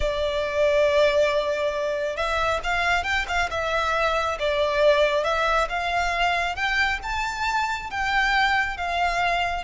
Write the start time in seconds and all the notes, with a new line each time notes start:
0.00 D5
2.16 E5
2.63 F5
3.03 G5
3.27 F5
3.50 E5
4.39 D5
5.24 E5
5.69 F5
6.55 G5
7.03 A5
7.90 G5
8.77 F5